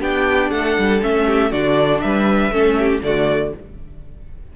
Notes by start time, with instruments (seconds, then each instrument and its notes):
0.00 cello B3, viola D4, violin G4 G5
0.50 cello A3, violin A4 F#5
0.78 cello G3
1.01 cello A3, viola C#4, violin E5
1.26 violin G4
1.51 cello D3, viola D4, violin F#4 D5
2.00 cello G3, violin B4 E5
2.50 cello A3, viola C#4, violin A4
2.79 violin G4
3.02 cello D3, viola A3, violin F#4 D5